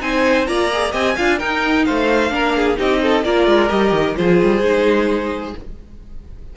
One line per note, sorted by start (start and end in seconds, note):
0.00 0.47 C4
0.00 0.46 D#4
0.00 0.48 C5
0.00 0.47 G#5
0.47 0.93 A#3
0.47 0.71 F4
0.47 0.92 D5
0.47 0.93 A#5
0.73 0.92 G#4
0.92 1.17 C4
0.92 1.15 G4
0.92 1.15 D#5
0.92 1.39 G#5
1.16 1.42 D4
1.16 1.39 F4
1.16 1.38 F5
1.38 2.30 D#4
1.38 1.88 D#4
1.38 1.85 A#4
1.38 1.85 G5
1.85 2.31 A3
1.85 2.33 C5
1.85 2.77 F5
2.30 2.77 A#3
2.30 2.76 D4
2.30 2.57 A#4
2.57 2.79 G#4
2.77 3.24 C4
2.77 3.23 D#4
2.77 3.02 G4
2.77 3.24 D#5
3.02 3.25 A4
3.24 3.47 A#3
3.24 3.69 F4
3.24 4.17 A#4
3.24 3.69 D5
3.47 3.70 G#3
3.69 3.92 G3
3.69 4.15 G4
3.69 4.15 D#5
3.92 4.15 D#3
4.16 4.42 F3
4.16 4.62 F4
4.16 5.57 G#4
4.16 5.55 C5
4.43 4.62 G3
4.62 5.54 G#3
4.62 5.56 D#4